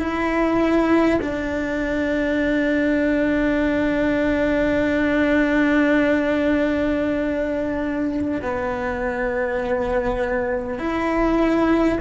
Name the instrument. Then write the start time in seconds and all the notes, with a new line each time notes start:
cello
0.00 E4
1.22 D4
8.42 B3
10.79 E4